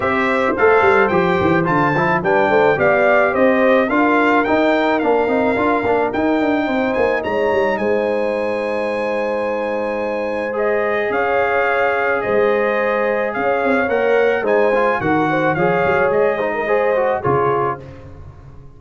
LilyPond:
<<
  \new Staff \with { instrumentName = "trumpet" } { \time 4/4 \tempo 4 = 108 e''4 f''4 g''4 a''4 | g''4 f''4 dis''4 f''4 | g''4 f''2 g''4~ | g''8 gis''8 ais''4 gis''2~ |
gis''2. dis''4 | f''2 dis''2 | f''4 fis''4 gis''4 fis''4 | f''4 dis''2 cis''4 | }
  \new Staff \with { instrumentName = "horn" } { \time 4/4 c''1 | b'8 c''8 d''4 c''4 ais'4~ | ais'1 | c''4 cis''4 c''2~ |
c''1 | cis''2 c''2 | cis''2 c''4 ais'8 c''8 | cis''4. c''16 ais'16 c''4 gis'4 | }
  \new Staff \with { instrumentName = "trombone" } { \time 4/4 g'4 a'4 g'4 f'8 e'8 | d'4 g'2 f'4 | dis'4 d'8 dis'8 f'8 d'8 dis'4~ | dis'1~ |
dis'2. gis'4~ | gis'1~ | gis'4 ais'4 dis'8 f'8 fis'4 | gis'4. dis'8 gis'8 fis'8 f'4 | }
  \new Staff \with { instrumentName = "tuba" } { \time 4/4 c'4 a8 g8 f8 e8 d8 f8 | g8 a8 b4 c'4 d'4 | dis'4 ais8 c'8 d'8 ais8 dis'8 d'8 | c'8 ais8 gis8 g8 gis2~ |
gis1 | cis'2 gis2 | cis'8 c'8 ais4 gis4 dis4 | f8 fis8 gis2 cis4 | }
>>